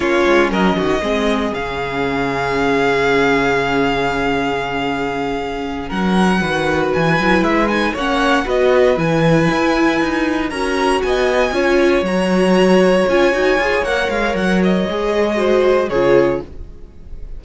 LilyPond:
<<
  \new Staff \with { instrumentName = "violin" } { \time 4/4 \tempo 4 = 117 cis''4 dis''2 f''4~ | f''1~ | f''2.~ f''8 fis''8~ | fis''4. gis''4 e''8 gis''8 fis''8~ |
fis''8 dis''4 gis''2~ gis''8~ | gis''8 ais''4 gis''2 ais''8~ | ais''4. gis''4. fis''8 f''8 | fis''8 dis''2~ dis''8 cis''4 | }
  \new Staff \with { instrumentName = "violin" } { \time 4/4 f'4 ais'8 fis'8 gis'2~ | gis'1~ | gis'2.~ gis'8 ais'8~ | ais'8 b'2. cis''8~ |
cis''8 b'2.~ b'8~ | b'8 ais'4 dis''4 cis''4.~ | cis''1~ | cis''2 c''4 gis'4 | }
  \new Staff \with { instrumentName = "viola" } { \time 4/4 cis'2 c'4 cis'4~ | cis'1~ | cis'1~ | cis'8 fis'4. e'4 dis'8 cis'8~ |
cis'8 fis'4 e'2~ e'8~ | e'8 fis'2 f'4 fis'8~ | fis'4. f'8 fis'8 gis'8 ais'4~ | ais'4 gis'4 fis'4 f'4 | }
  \new Staff \with { instrumentName = "cello" } { \time 4/4 ais8 gis8 fis8 dis8 gis4 cis4~ | cis1~ | cis2.~ cis8 fis8~ | fis8 dis4 e8 fis8 gis4 ais8~ |
ais8 b4 e4 e'4 dis'8~ | dis'8 cis'4 b4 cis'4 fis8~ | fis4. cis'8 dis'8 f'8 ais8 gis8 | fis4 gis2 cis4 | }
>>